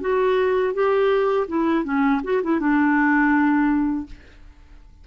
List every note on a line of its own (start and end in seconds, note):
0.00 0.73 F#4
0.74 1.47 G4
1.48 1.84 E4
1.84 2.21 C#4
2.23 2.41 F#4
2.42 2.59 E4
2.59 4.06 D4